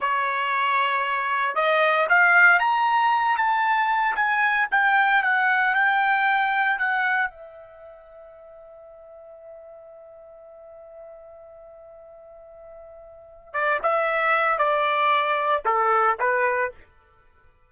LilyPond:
\new Staff \with { instrumentName = "trumpet" } { \time 4/4 \tempo 4 = 115 cis''2. dis''4 | f''4 ais''4. a''4. | gis''4 g''4 fis''4 g''4~ | g''4 fis''4 e''2~ |
e''1~ | e''1~ | e''2 d''8 e''4. | d''2 a'4 b'4 | }